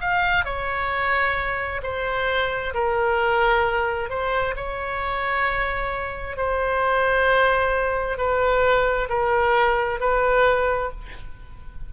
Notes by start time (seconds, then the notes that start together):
0.00 F5
0.45 C#5
1.83 C5
2.74 A#4
4.10 C5
4.56 C#5
6.37 C5
8.17 B4
9.09 A#4
10.00 B4